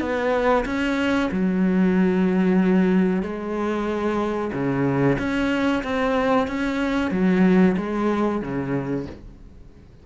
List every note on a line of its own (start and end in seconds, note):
0.00 0.65 B3
0.65 1.30 C#4
1.31 3.22 F#3
3.22 4.51 G#3
4.53 5.17 C#3
5.18 5.83 C#4
5.83 6.47 C4
6.47 7.11 C#4
7.11 7.76 F#3
7.77 8.42 G#3
8.42 9.06 C#3